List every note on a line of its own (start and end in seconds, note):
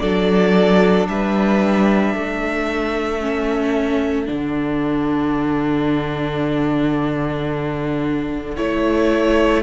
0.00 1.08 F#3
0.00 3.21 D4
0.00 1.09 A4
0.00 1.07 D5
1.08 2.15 G3
1.08 2.15 B4
1.08 4.29 E5
2.15 4.29 A3
2.15 9.63 A4
3.21 4.26 C#4
4.26 8.57 D3
4.26 8.55 D4
4.26 8.57 F#5
8.57 9.63 A3
8.57 9.63 E4
8.57 9.63 C#5